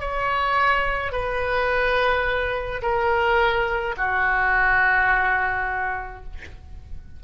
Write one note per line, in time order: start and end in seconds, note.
0.00 1.12 C#5
1.12 2.81 B4
2.82 3.95 A#4
3.97 6.24 F#4